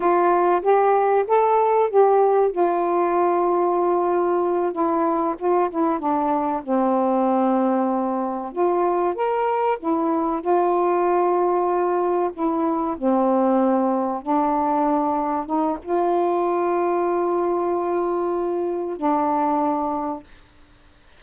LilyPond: \new Staff \with { instrumentName = "saxophone" } { \time 4/4 \tempo 4 = 95 f'4 g'4 a'4 g'4 | f'2.~ f'8 e'8~ | e'8 f'8 e'8 d'4 c'4.~ | c'4. f'4 ais'4 e'8~ |
e'8 f'2. e'8~ | e'8 c'2 d'4.~ | d'8 dis'8 f'2.~ | f'2 d'2 | }